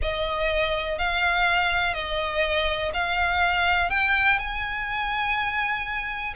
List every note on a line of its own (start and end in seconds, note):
0.02 0.98 D#5
0.98 1.94 F5
1.94 2.91 D#5
2.93 3.90 F5
3.90 4.38 G5
4.39 6.34 G#5